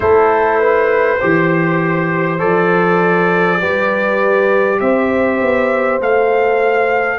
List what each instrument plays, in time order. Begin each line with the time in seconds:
0.00 tuba A3, trombone E4, horn A4, trumpet C5
0.60 horn B4
1.18 tuba E3, trombone G4, horn C5
2.39 tuba F3, trombone A4, trumpet D5
3.59 tuba G3, trombone G4, horn B4
4.79 tuba C4, horn C5, trumpet E5
5.41 tuba B3
6.00 tuba A3, trombone A4, trumpet F5